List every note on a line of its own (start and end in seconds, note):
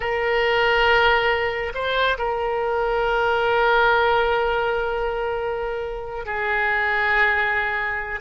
0.00 1.72 A#4
1.74 2.17 C5
2.18 6.25 A#4
6.25 8.20 G#4